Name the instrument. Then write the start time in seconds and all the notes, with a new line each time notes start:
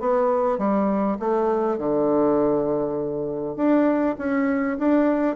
bassoon
0.00 B3
0.58 G3
1.19 A3
1.78 D3
3.56 D4
4.19 C#4
4.79 D4